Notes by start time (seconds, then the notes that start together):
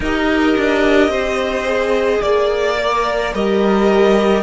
0.00 D#4 G4 A#4 D#5
0.57 D4
1.07 C4 C5
1.64 G#4
2.22 A#3 D5
2.78 A#4
3.33 G3 G4 A#4 D#5